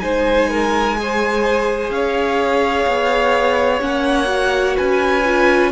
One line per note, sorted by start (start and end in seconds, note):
0.00 1.90 G#3
0.00 0.96 D#4
0.00 0.50 C5
0.00 1.90 G#5
0.50 0.97 A#4
0.96 3.80 G#4
0.96 1.93 C5
1.90 2.85 C#4
1.90 4.76 C#5
1.90 3.81 F5
2.86 3.81 B3
3.80 4.76 A#3
3.80 4.25 C#4
3.80 4.76 F#5
4.25 5.20 F#4
4.76 5.72 C#4
4.76 5.71 B4
4.76 5.72 G#5
5.25 5.72 F4